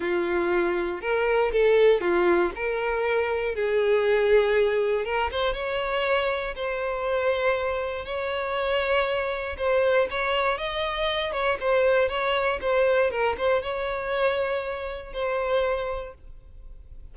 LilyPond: \new Staff \with { instrumentName = "violin" } { \time 4/4 \tempo 4 = 119 f'2 ais'4 a'4 | f'4 ais'2 gis'4~ | gis'2 ais'8 c''8 cis''4~ | cis''4 c''2. |
cis''2. c''4 | cis''4 dis''4. cis''8 c''4 | cis''4 c''4 ais'8 c''8 cis''4~ | cis''2 c''2 | }